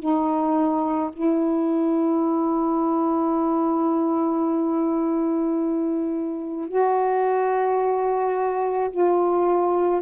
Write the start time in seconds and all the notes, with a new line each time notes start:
0.00 D#4
1.13 E4
6.68 F#4
8.91 F4